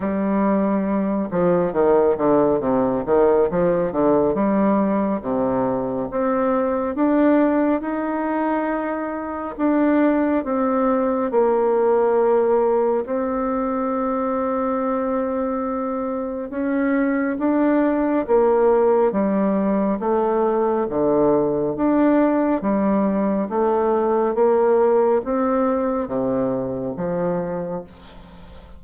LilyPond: \new Staff \with { instrumentName = "bassoon" } { \time 4/4 \tempo 4 = 69 g4. f8 dis8 d8 c8 dis8 | f8 d8 g4 c4 c'4 | d'4 dis'2 d'4 | c'4 ais2 c'4~ |
c'2. cis'4 | d'4 ais4 g4 a4 | d4 d'4 g4 a4 | ais4 c'4 c4 f4 | }